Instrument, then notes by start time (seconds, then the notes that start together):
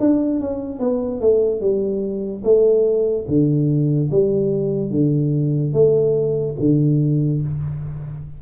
tuba
0.00 D4
0.41 C#4
0.80 B3
1.21 A3
1.61 G3
2.44 A3
3.28 D3
4.11 G3
4.91 D3
5.73 A3
6.60 D3